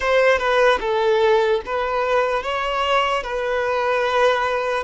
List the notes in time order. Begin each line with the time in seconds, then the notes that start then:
0.00 C5
0.38 B4
0.80 A4
1.65 B4
2.43 C#5
3.23 B4